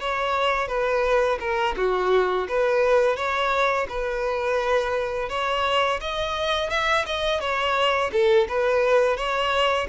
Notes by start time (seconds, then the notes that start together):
0.00 C#5
0.68 B4
1.40 A#4
1.77 F#4
2.48 B4
3.16 C#5
3.89 B4
5.29 C#5
6.01 D#5
6.70 E5
7.06 D#5
7.40 C#5
8.12 A4
8.48 B4
9.17 C#5